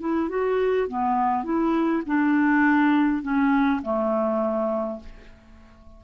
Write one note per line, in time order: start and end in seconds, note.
0.00 0.29 E4
0.29 0.87 F#4
0.87 1.43 B3
1.43 2.02 E4
2.06 3.22 D4
3.22 3.80 C#4
3.82 5.00 A3